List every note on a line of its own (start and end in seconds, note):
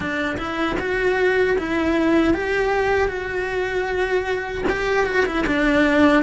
0.00 0.37 D4
0.37 0.76 E4
0.79 1.57 F#4
1.58 2.34 E4
2.34 3.08 G4
3.08 4.64 F#4
4.69 5.06 G4
5.06 5.25 F#4
5.26 5.45 E4
5.46 6.23 D4